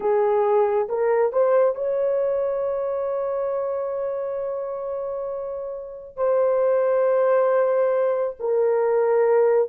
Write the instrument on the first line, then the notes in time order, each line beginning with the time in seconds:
horn
0.00 G#4
0.88 A#4
1.32 C5
1.75 C#5
6.16 C5
8.39 A#4